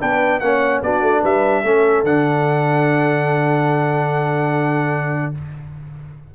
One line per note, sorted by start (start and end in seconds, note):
0.00 0.41 B3
0.00 0.41 D4
0.00 0.41 B4
0.00 0.40 G5
0.40 0.82 A#3
0.40 0.84 C#4
0.40 0.84 C#5
0.40 0.81 F#5
0.82 1.02 B3
0.82 1.64 D4
0.82 1.22 F#4
0.82 1.24 D5
1.02 1.22 A3
1.22 1.63 G3
1.22 1.63 B4
1.22 2.05 E5
1.63 2.03 A3
1.63 2.05 C#4
1.63 5.33 A4
2.03 5.32 D3
2.03 5.35 D4
2.03 5.34 F#5